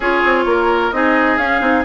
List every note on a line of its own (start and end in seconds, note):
0.00 0.21 C#4
0.00 0.93 F4
0.00 0.44 G#4
0.00 0.91 C#5
0.24 0.45 C4
0.45 0.91 A#3
0.45 0.95 A#4
0.91 1.38 C4
0.91 1.38 D#4
0.91 1.84 G#4
0.91 1.37 D#5
1.37 1.60 C#4
1.37 1.83 F5
1.60 1.83 C4
1.60 1.83 D#4